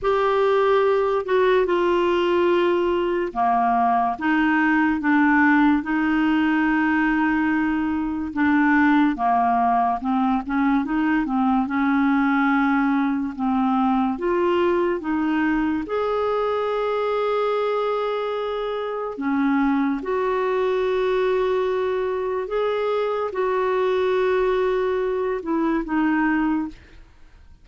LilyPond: \new Staff \with { instrumentName = "clarinet" } { \time 4/4 \tempo 4 = 72 g'4. fis'8 f'2 | ais4 dis'4 d'4 dis'4~ | dis'2 d'4 ais4 | c'8 cis'8 dis'8 c'8 cis'2 |
c'4 f'4 dis'4 gis'4~ | gis'2. cis'4 | fis'2. gis'4 | fis'2~ fis'8 e'8 dis'4 | }